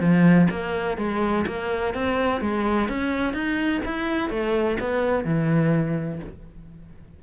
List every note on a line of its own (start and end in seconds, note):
0.00 0.48 F3
0.50 0.97 A#3
0.97 1.45 G#3
1.46 1.94 A#3
1.94 2.41 C4
2.41 2.89 G#3
2.89 3.33 C#4
3.33 3.81 D#4
3.85 4.29 E4
4.29 4.77 A3
4.80 5.24 B3
5.24 6.20 E3